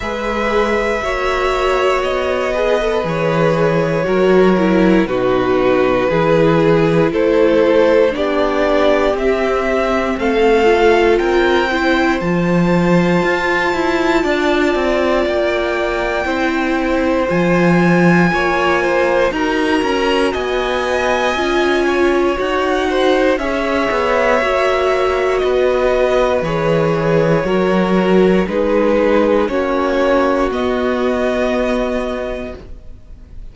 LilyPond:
<<
  \new Staff \with { instrumentName = "violin" } { \time 4/4 \tempo 4 = 59 e''2 dis''4 cis''4~ | cis''4 b'2 c''4 | d''4 e''4 f''4 g''4 | a''2. g''4~ |
g''4 gis''2 ais''4 | gis''2 fis''4 e''4~ | e''4 dis''4 cis''2 | b'4 cis''4 dis''2 | }
  \new Staff \with { instrumentName = "violin" } { \time 4/4 b'4 cis''4. b'4. | ais'4 fis'4 gis'4 a'4 | g'2 a'4 ais'8 c''8~ | c''2 d''2 |
c''2 cis''8 c''8 ais'4 | dis''4. cis''4 c''8 cis''4~ | cis''4 b'2 ais'4 | gis'4 fis'2. | }
  \new Staff \with { instrumentName = "viola" } { \time 4/4 gis'4 fis'4. gis'16 a'16 gis'4 | fis'8 e'8 dis'4 e'2 | d'4 c'4. f'4 e'8 | f'1 |
e'4 f'2 fis'4~ | fis'4 f'4 fis'4 gis'4 | fis'2 gis'4 fis'4 | dis'4 cis'4 b2 | }
  \new Staff \with { instrumentName = "cello" } { \time 4/4 gis4 ais4 b4 e4 | fis4 b,4 e4 a4 | b4 c'4 a4 c'4 | f4 f'8 e'8 d'8 c'8 ais4 |
c'4 f4 ais4 dis'8 cis'8 | b4 cis'4 dis'4 cis'8 b8 | ais4 b4 e4 fis4 | gis4 ais4 b2 | }
>>